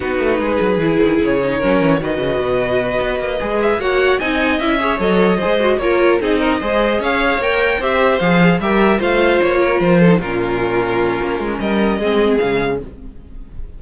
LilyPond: <<
  \new Staff \with { instrumentName = "violin" } { \time 4/4 \tempo 4 = 150 b'2. cis''4~ | cis''4 dis''2.~ | dis''4 e''8 fis''4 gis''4 e''8~ | e''8 dis''2 cis''4 dis''8~ |
dis''4. f''4 g''4 e''8~ | e''8 f''4 e''4 f''4 cis''8~ | cis''8 c''4 ais'2~ ais'8~ | ais'4 dis''2 f''4 | }
  \new Staff \with { instrumentName = "violin" } { \time 4/4 fis'4 gis'2. | ais'4 b'2.~ | b'4. cis''4 dis''4. | cis''4. c''4 ais'4 gis'8 |
ais'8 c''4 cis''2 c''8~ | c''4. ais'4 c''4. | ais'4 a'8 f'2~ f'8~ | f'4 ais'4 gis'2 | }
  \new Staff \with { instrumentName = "viola" } { \time 4/4 dis'2 e'4. dis'8 | cis'4 fis'2.~ | fis'8 gis'4 fis'4 dis'4 e'8 | gis'8 a'4 gis'8 fis'8 f'4 dis'8~ |
dis'8 gis'2 ais'4 g'8~ | g'8 gis'4 g'4 f'4.~ | f'4~ f'16 dis'16 cis'2~ cis'8~ | cis'2 c'4 gis4 | }
  \new Staff \with { instrumentName = "cello" } { \time 4/4 b8 a8 gis8 fis8 e8 dis8 cis4 | fis8 e8 dis8 cis8 b,4. b8 | ais8 gis4 ais4 c'4 cis'8~ | cis'8 fis4 gis4 ais4 c'8~ |
c'8 gis4 cis'4 ais4 c'8~ | c'8 f4 g4 a4 ais8~ | ais8 f4 ais,2~ ais,8 | ais8 gis8 g4 gis4 cis4 | }
>>